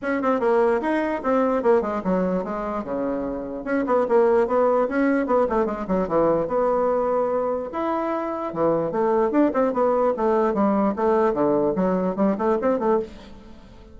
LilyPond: \new Staff \with { instrumentName = "bassoon" } { \time 4/4 \tempo 4 = 148 cis'8 c'8 ais4 dis'4 c'4 | ais8 gis8 fis4 gis4 cis4~ | cis4 cis'8 b8 ais4 b4 | cis'4 b8 a8 gis8 fis8 e4 |
b2. e'4~ | e'4 e4 a4 d'8 c'8 | b4 a4 g4 a4 | d4 fis4 g8 a8 c'8 a8 | }